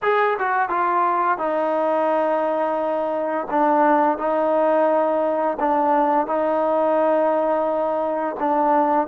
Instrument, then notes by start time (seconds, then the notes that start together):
trombone
0.02 G#4
0.38 F#4
0.68 F4
1.38 D#4
3.50 D4
4.18 D#4
5.59 D4
6.26 D#4
8.39 D4